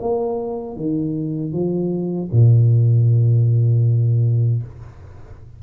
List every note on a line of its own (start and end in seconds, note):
0.00 0.77 A#3
0.77 1.53 D#3
1.53 2.30 F3
2.32 4.63 A#2